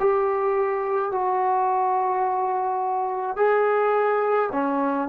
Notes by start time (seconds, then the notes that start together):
0.00 G4
1.12 F#4
3.37 G#4
4.52 C#4